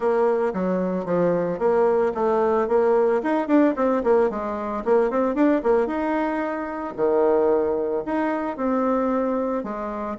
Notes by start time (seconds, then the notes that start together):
0.00 A#3
0.53 F#3
1.05 F3
1.58 A#3
2.14 A3
2.68 A#3
3.22 D#4
3.47 D4
3.76 C4
4.03 A#3
4.30 G#3
4.84 A#3
5.10 C4
5.34 D4
5.63 A#3
5.86 D#4
6.96 D#3
8.05 D#4
8.56 C4
9.63 G#3